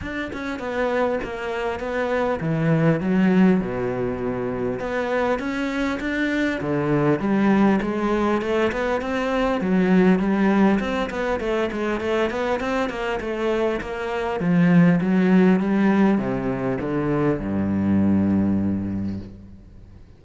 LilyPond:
\new Staff \with { instrumentName = "cello" } { \time 4/4 \tempo 4 = 100 d'8 cis'8 b4 ais4 b4 | e4 fis4 b,2 | b4 cis'4 d'4 d4 | g4 gis4 a8 b8 c'4 |
fis4 g4 c'8 b8 a8 gis8 | a8 b8 c'8 ais8 a4 ais4 | f4 fis4 g4 c4 | d4 g,2. | }